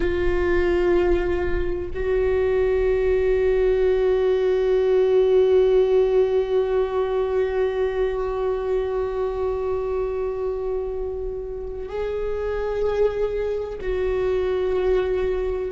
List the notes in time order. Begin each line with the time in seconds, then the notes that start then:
0.00 F4
1.94 F#4
11.88 G#4
13.81 F#4